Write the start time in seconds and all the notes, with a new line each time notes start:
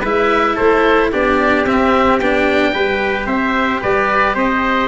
0.00 G#3 E4 B4 E5
0.55 A3 A4 C5
1.12 B3 D4 G4 D5
1.65 C4 E5
2.21 B3 D4 G5
2.73 G3 G4 B4
3.26 C4 C5 E5
3.81 G3 B4 D5
4.35 C4 C5 D#5